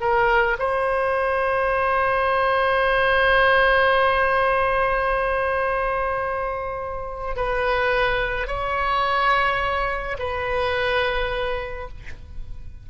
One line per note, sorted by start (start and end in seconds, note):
0.00 0.57 A#4
0.59 7.36 C5
7.36 8.47 B4
8.47 10.17 C#5
10.18 11.88 B4